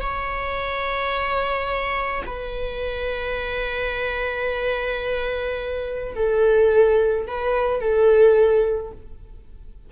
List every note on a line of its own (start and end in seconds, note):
0.00 2.22 C#5
2.26 6.15 B4
6.15 7.26 A4
7.27 7.80 B4
7.80 8.91 A4